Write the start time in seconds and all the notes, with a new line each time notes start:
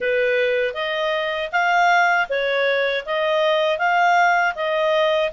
0.00 B4
0.74 D#5
1.52 F5
2.29 C#5
3.05 D#5
3.78 F5
4.55 D#5